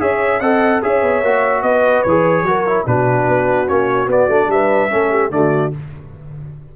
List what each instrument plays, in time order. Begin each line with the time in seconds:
0.00 tuba C#4, trombone G#4, horn C#5, trumpet E5
0.41 tuba C4, trombone A4, horn D#5, trumpet F#5
0.82 tuba C#4, trombone G#4, horn C#5, trumpet E5
1.03 tuba B3
1.22 tuba A#3, trombone F#4
1.63 tuba B3, horn B4, trumpet D#5
2.03 tuba E3, trumpet C#5
2.09 trombone G#4
2.43 tuba F#3, trombone F#4, horn A#4
2.68 trombone E4
2.87 tuba B2, trombone D4, horn F#4, trumpet B4
3.29 tuba B3
3.67 tuba A#3, trombone C#4, trumpet C#5
4.07 tuba B3, trombone B3, trumpet D5
4.29 tuba A3, trombone D4
4.48 tuba G3, horn B4, trumpet E5
4.90 tuba A3, trombone C#4, horn A4
5.11 horn G4
5.31 tuba D3, trombone A3, horn F#4, trumpet D5